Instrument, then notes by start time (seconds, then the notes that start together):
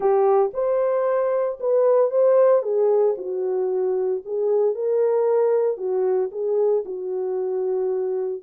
horn
0.00 G4
0.53 C5
1.60 B4
2.10 C5
2.62 G#4
3.17 F#4
4.25 G#4
4.74 A#4
5.77 F#4
6.31 G#4
6.85 F#4